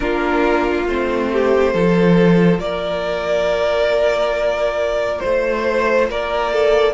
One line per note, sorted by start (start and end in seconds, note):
0.00 0.87 A#3
0.00 0.86 D4
0.00 1.31 F4
0.00 0.85 A#4
0.87 1.74 A3
0.87 1.74 C4
0.87 2.59 C5
1.32 1.73 G4
1.73 2.59 F3
1.73 6.93 F4
1.73 2.60 A4
2.59 5.19 A#3
2.59 5.24 A#4
2.59 5.19 D5
5.19 6.09 A3
5.19 6.06 C5
5.19 6.10 C5
6.09 6.93 A#3
6.09 6.53 A#4
6.09 6.93 D5
6.53 6.93 A4